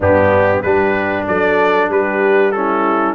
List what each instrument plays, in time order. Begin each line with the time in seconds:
0.00 tuba G2, trombone B3, horn D4, trumpet G4
0.62 tuba G3, trombone D4, horn G4, trumpet B4
1.27 tuba F#3, horn A4, trumpet D5
1.89 tuba G3, horn G4, trumpet B4
2.51 trombone C#4, horn E4, trumpet A4